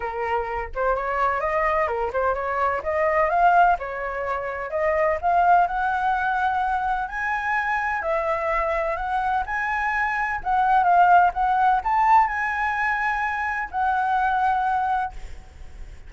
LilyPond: \new Staff \with { instrumentName = "flute" } { \time 4/4 \tempo 4 = 127 ais'4. c''8 cis''4 dis''4 | ais'8 c''8 cis''4 dis''4 f''4 | cis''2 dis''4 f''4 | fis''2. gis''4~ |
gis''4 e''2 fis''4 | gis''2 fis''4 f''4 | fis''4 a''4 gis''2~ | gis''4 fis''2. | }